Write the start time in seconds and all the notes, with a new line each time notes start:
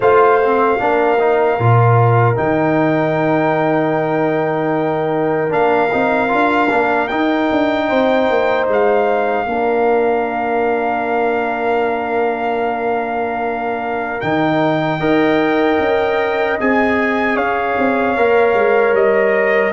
0.00 A3 F4 C5 F5
0.44 C4
0.78 A#3 D4 A#4
1.19 D#4
1.58 A#2 F4
2.35 D#3 D#4 G5
5.49 A#3 D4 F5
5.92 C4 D#4
6.28 D4 F4
6.69 A#3 D4
7.07 D#4 G5
7.51 D4
7.88 C4 C5
8.29 A#3
8.68 G#3 F5
9.45 A#3 D4 A#4
14.20 D#3 D#4 G5
14.99 D#4 A#4 D#5
15.79 C#4
16.60 C4 G#4 G#5
17.35 C#4 C#5 F5
17.78 C4
18.16 A#3 A#4
18.53 G#3
18.92 G3 D#5